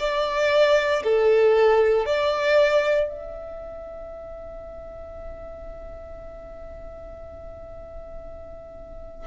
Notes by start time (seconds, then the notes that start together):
0.00 D5
1.04 A4
2.06 D5
3.08 E5